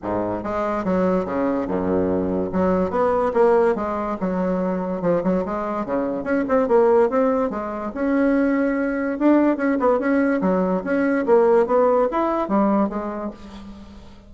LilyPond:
\new Staff \with { instrumentName = "bassoon" } { \time 4/4 \tempo 4 = 144 gis,4 gis4 fis4 cis4 | fis,2 fis4 b4 | ais4 gis4 fis2 | f8 fis8 gis4 cis4 cis'8 c'8 |
ais4 c'4 gis4 cis'4~ | cis'2 d'4 cis'8 b8 | cis'4 fis4 cis'4 ais4 | b4 e'4 g4 gis4 | }